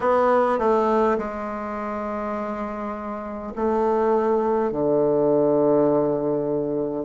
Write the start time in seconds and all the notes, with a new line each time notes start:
0.00 B3
0.58 A3
1.18 G#3
3.55 A3
4.71 D3